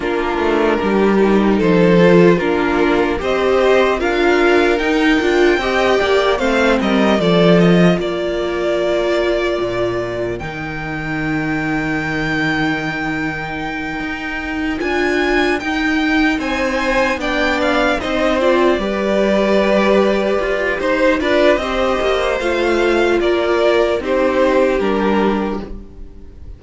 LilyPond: <<
  \new Staff \with { instrumentName = "violin" } { \time 4/4 \tempo 4 = 75 ais'2 c''4 ais'4 | dis''4 f''4 g''2 | f''8 dis''8 d''8 dis''8 d''2~ | d''4 g''2.~ |
g''2~ g''8 gis''4 g''8~ | g''8 gis''4 g''8 f''8 dis''8 d''4~ | d''2 c''8 d''8 dis''4 | f''4 d''4 c''4 ais'4 | }
  \new Staff \with { instrumentName = "violin" } { \time 4/4 f'4 g'4 a'4 f'4 | c''4 ais'2 dis''8 d''8 | c''8 ais'8 a'4 ais'2~ | ais'1~ |
ais'1~ | ais'8 c''4 d''4 c''4 b'8~ | b'2 c''8 b'8 c''4~ | c''4 ais'4 g'2 | }
  \new Staff \with { instrumentName = "viola" } { \time 4/4 d'4. dis'4 f'8 d'4 | g'4 f'4 dis'8 f'8 g'4 | c'4 f'2.~ | f'4 dis'2.~ |
dis'2~ dis'8 f'4 dis'8~ | dis'4. d'4 dis'8 f'8 g'8~ | g'2~ g'8 f'8 g'4 | f'2 dis'4 d'4 | }
  \new Staff \with { instrumentName = "cello" } { \time 4/4 ais8 a8 g4 f4 ais4 | c'4 d'4 dis'8 d'8 c'8 ais8 | a8 g8 f4 ais2 | ais,4 dis2.~ |
dis4. dis'4 d'4 dis'8~ | dis'8 c'4 b4 c'4 g8~ | g4. f'8 dis'8 d'8 c'8 ais8 | a4 ais4 c'4 g4 | }
>>